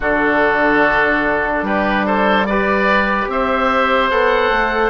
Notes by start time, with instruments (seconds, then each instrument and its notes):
0.00 bassoon D3, trombone D4, oboe F#4 A4
1.61 bassoon G3, oboe G4 B4
2.05 oboe A4 C5
2.46 trombone G4, oboe B4 D5
3.27 bassoon C4, oboe C5 E5
4.10 bassoon B3, trombone A4, oboe F#5
4.49 bassoon A3